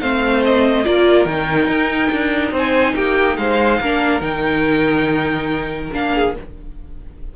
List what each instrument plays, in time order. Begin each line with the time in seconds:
0.00 cello A3, viola C4, violin C5 F5
0.45 violin D#5
0.84 cello A#3, viola F4, violin A#4 D5
1.25 cello D#3, viola D#4, violin G5
1.67 cello D#4
2.12 cello D4
2.51 cello C4, violin C5 G#5
2.95 cello A#3, violin G4 G5
3.37 cello G#3, violin C5 F5
3.80 cello A#3, viola D4, violin A#4
4.21 cello D#3, viola D#4, violin G5
5.92 cello A#3, viola D4, violin F5
6.14 violin G#4